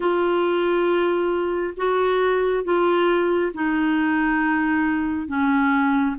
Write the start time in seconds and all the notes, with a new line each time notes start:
0.00 F4
1.76 F#4
2.64 F4
3.53 D#4
5.27 C#4